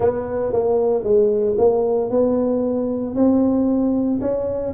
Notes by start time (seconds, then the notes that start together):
0.00 B3
0.52 A#3
1.03 G#3
1.58 A#3
2.10 B3
3.15 C4
4.21 C#4